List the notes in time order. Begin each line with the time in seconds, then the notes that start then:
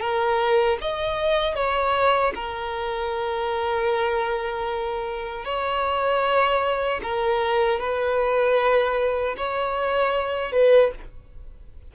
0.00 A#4
0.81 D#5
1.55 C#5
2.34 A#4
5.45 C#5
7.02 A#4
7.80 B4
9.37 C#5
10.52 B4